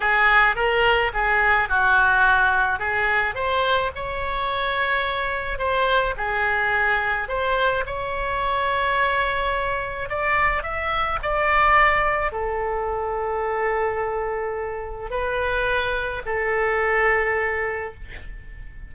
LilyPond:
\new Staff \with { instrumentName = "oboe" } { \time 4/4 \tempo 4 = 107 gis'4 ais'4 gis'4 fis'4~ | fis'4 gis'4 c''4 cis''4~ | cis''2 c''4 gis'4~ | gis'4 c''4 cis''2~ |
cis''2 d''4 e''4 | d''2 a'2~ | a'2. b'4~ | b'4 a'2. | }